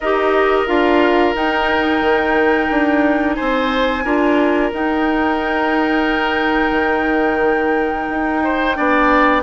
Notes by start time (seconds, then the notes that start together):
0.00 D#4 G4 A#4 D#5
0.67 D4 F4 F5
1.34 D#4 G5
2.00 D#3
2.70 D4
3.34 C4 C5 G#5
4.04 D4 F4 A#4
4.72 D#4 G5
6.71 D#3
8.09 D#4
8.43 C5
8.75 B3 D4 D5